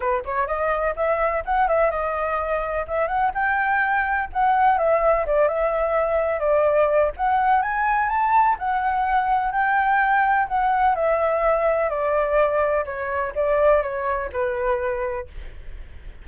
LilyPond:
\new Staff \with { instrumentName = "flute" } { \time 4/4 \tempo 4 = 126 b'8 cis''8 dis''4 e''4 fis''8 e''8 | dis''2 e''8 fis''8 g''4~ | g''4 fis''4 e''4 d''8 e''8~ | e''4. d''4. fis''4 |
gis''4 a''4 fis''2 | g''2 fis''4 e''4~ | e''4 d''2 cis''4 | d''4 cis''4 b'2 | }